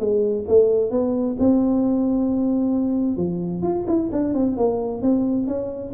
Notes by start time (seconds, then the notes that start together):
0.00 G#3
0.48 A3
0.91 B3
1.40 C4
3.17 F3
3.63 F4
3.88 E4
4.13 D4
4.35 C4
4.57 A#3
5.02 C4
5.48 C#4